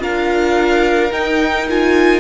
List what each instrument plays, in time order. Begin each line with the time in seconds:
0.00 cello D4, viola F4, violin A#4 F5
1.12 viola D#4, cello D#4, violin G5
1.69 viola F4, violin G#5